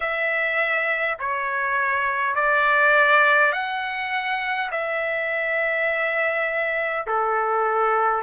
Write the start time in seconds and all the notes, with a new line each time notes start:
0.00 E5
1.19 C#5
2.35 D5
3.52 F#5
4.71 E5
7.06 A4